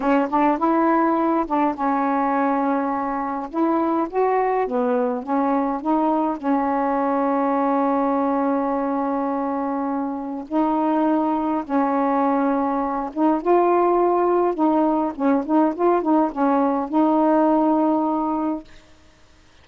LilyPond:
\new Staff \with { instrumentName = "saxophone" } { \time 4/4 \tempo 4 = 103 cis'8 d'8 e'4. d'8 cis'4~ | cis'2 e'4 fis'4 | b4 cis'4 dis'4 cis'4~ | cis'1~ |
cis'2 dis'2 | cis'2~ cis'8 dis'8 f'4~ | f'4 dis'4 cis'8 dis'8 f'8 dis'8 | cis'4 dis'2. | }